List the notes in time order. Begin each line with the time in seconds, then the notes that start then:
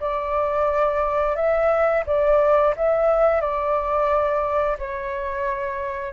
0.00 D5
1.36 E5
2.06 D5
2.76 E5
3.41 D5
4.79 C#5